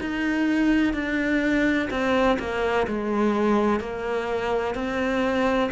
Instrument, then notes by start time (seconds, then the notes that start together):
cello
0.00 D#4
0.94 D4
1.90 C4
2.39 A#3
2.87 G#3
3.80 A#3
4.74 C4